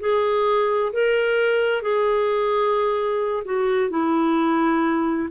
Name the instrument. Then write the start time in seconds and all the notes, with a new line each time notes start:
clarinet
0.00 G#4
0.93 A#4
1.82 G#4
3.45 F#4
3.90 E4